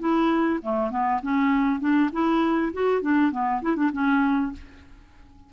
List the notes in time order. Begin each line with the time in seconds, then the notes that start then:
0.00 E4
0.62 A3
0.91 B3
1.23 C#4
1.80 D4
2.13 E4
2.73 F#4
3.02 D4
3.32 B3
3.62 E4
3.76 D4
3.92 C#4